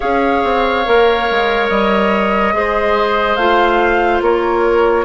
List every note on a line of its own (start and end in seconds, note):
0.00 0.43 C#4
0.00 0.85 G#4
0.00 2.54 C#5
0.00 1.68 F5
0.43 0.86 C4
0.85 1.29 A#3
0.85 2.53 A#4
1.30 1.70 G#3
1.68 2.53 G3
1.68 3.36 D#5
2.53 3.36 G#3
2.53 3.37 G#4
2.53 4.23 C5
3.36 4.20 A3
3.36 5.05 F4
3.36 4.20 F5
4.21 5.05 A#3
4.21 5.05 A#4
4.21 5.05 C#5